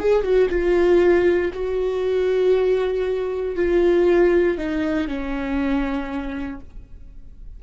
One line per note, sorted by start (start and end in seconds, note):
0.00 0.23 G#4
0.23 0.49 F#4
0.50 1.52 F4
1.53 3.56 F#4
3.56 4.58 F4
4.58 5.08 D#4
5.08 6.61 C#4